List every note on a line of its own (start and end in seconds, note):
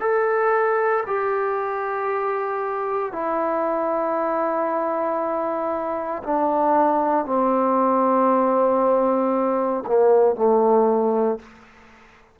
0.00 1.03 A4
1.06 3.12 G4
3.12 6.22 E4
6.23 7.25 D4
7.25 9.84 C4
9.87 10.35 A#3
10.35 11.38 A3